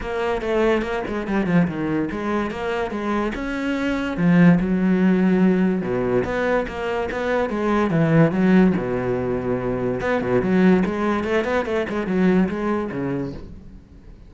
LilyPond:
\new Staff \with { instrumentName = "cello" } { \time 4/4 \tempo 4 = 144 ais4 a4 ais8 gis8 g8 f8 | dis4 gis4 ais4 gis4 | cis'2 f4 fis4~ | fis2 b,4 b4 |
ais4 b4 gis4 e4 | fis4 b,2. | b8 b,8 fis4 gis4 a8 b8 | a8 gis8 fis4 gis4 cis4 | }